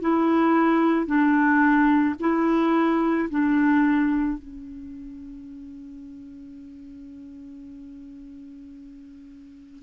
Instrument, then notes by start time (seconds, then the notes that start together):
clarinet
0.00 E4
1.06 D4
2.20 E4
3.29 D4
4.38 C#4